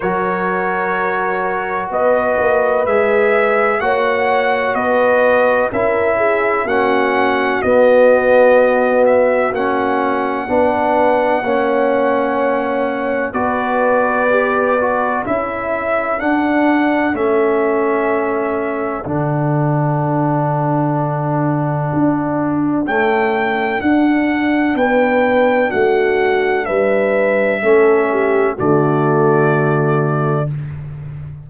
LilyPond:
<<
  \new Staff \with { instrumentName = "trumpet" } { \time 4/4 \tempo 4 = 63 cis''2 dis''4 e''4 | fis''4 dis''4 e''4 fis''4 | dis''4. e''8 fis''2~ | fis''2 d''2 |
e''4 fis''4 e''2 | fis''1 | g''4 fis''4 g''4 fis''4 | e''2 d''2 | }
  \new Staff \with { instrumentName = "horn" } { \time 4/4 ais'2 b'2 | cis''4 b'4 ais'8 gis'8 fis'4~ | fis'2. b'4 | cis''2 b'2 |
a'1~ | a'1~ | a'2 b'4 fis'4 | b'4 a'8 g'8 fis'2 | }
  \new Staff \with { instrumentName = "trombone" } { \time 4/4 fis'2. gis'4 | fis'2 e'4 cis'4 | b2 cis'4 d'4 | cis'2 fis'4 g'8 fis'8 |
e'4 d'4 cis'2 | d'1 | a4 d'2.~ | d'4 cis'4 a2 | }
  \new Staff \with { instrumentName = "tuba" } { \time 4/4 fis2 b8 ais8 gis4 | ais4 b4 cis'4 ais4 | b2 ais4 b4 | ais2 b2 |
cis'4 d'4 a2 | d2. d'4 | cis'4 d'4 b4 a4 | g4 a4 d2 | }
>>